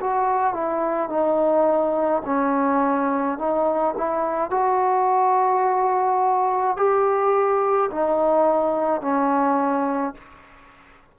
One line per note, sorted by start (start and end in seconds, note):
0.00 0.54 F#4
0.54 1.09 E4
1.09 2.22 D#4
2.25 3.38 C#4
3.38 3.95 D#4
3.97 4.50 E4
4.50 6.77 F#4
6.77 7.90 G4
7.91 9.01 D#4
9.01 10.14 C#4